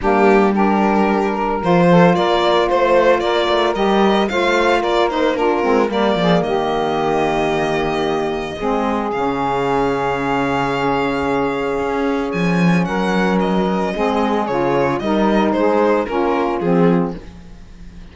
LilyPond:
<<
  \new Staff \with { instrumentName = "violin" } { \time 4/4 \tempo 4 = 112 g'4 ais'2 c''4 | d''4 c''4 d''4 dis''4 | f''4 d''8 c''8 ais'4 d''4 | dis''1~ |
dis''4 f''2.~ | f''2. gis''4 | fis''4 dis''2 cis''4 | dis''4 c''4 ais'4 gis'4 | }
  \new Staff \with { instrumentName = "saxophone" } { \time 4/4 d'4 g'4. ais'4 a'8 | ais'4 c''4 ais'2 | c''4 ais'4 f'4 ais'8 gis'8 | g'1 |
gis'1~ | gis'1 | ais'2 gis'2 | ais'4 gis'4 f'2 | }
  \new Staff \with { instrumentName = "saxophone" } { \time 4/4 ais4 d'2 f'4~ | f'2. g'4 | f'4. dis'8 d'8 c'8 ais4~ | ais1 |
c'4 cis'2.~ | cis'1~ | cis'2 c'4 f'4 | dis'2 cis'4 c'4 | }
  \new Staff \with { instrumentName = "cello" } { \time 4/4 g2. f4 | ais4 a4 ais8 a8 g4 | a4 ais4. gis8 g8 f8 | dis1 |
gis4 cis2.~ | cis2 cis'4 f4 | fis2 gis4 cis4 | g4 gis4 ais4 f4 | }
>>